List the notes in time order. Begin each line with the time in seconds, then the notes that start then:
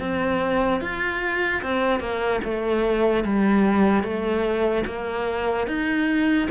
0.00 C4
0.81 F4
1.63 C4
2.00 A#3
2.45 A3
3.24 G3
4.04 A3
4.86 A#3
5.68 D#4